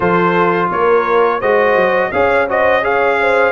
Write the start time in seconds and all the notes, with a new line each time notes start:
0.00 F3 F4 A4 C5
0.71 A#3 A#4 C#5
1.39 G#3 F#4 C5 D#5
1.76 F#3
2.11 C#4 G#4 C#5 F5
2.48 F#4 C5 D#5
2.82 G#4 C#5 F5
3.20 C5